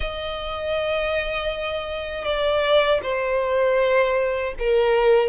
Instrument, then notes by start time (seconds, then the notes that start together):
violin
0.00 D#5
2.24 D5
3.02 C5
4.59 A#4